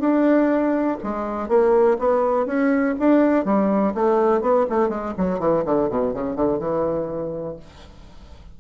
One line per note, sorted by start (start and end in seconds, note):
0.00 0.98 D4
1.03 1.48 G#3
1.48 1.97 A#3
1.99 2.46 B3
2.46 2.95 C#4
2.99 3.45 D4
3.45 3.94 G3
3.94 4.41 A3
4.41 4.66 B3
4.70 4.89 A3
4.89 5.13 G#3
5.18 5.39 F#3
5.39 5.64 E3
5.65 5.89 D3
5.89 6.14 B2
6.14 6.35 C#3
6.35 6.59 D3
6.59 7.57 E3